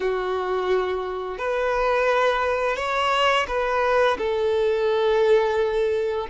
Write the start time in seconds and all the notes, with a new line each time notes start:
0.00 F#4
1.38 B4
2.76 C#5
3.47 B4
4.18 A4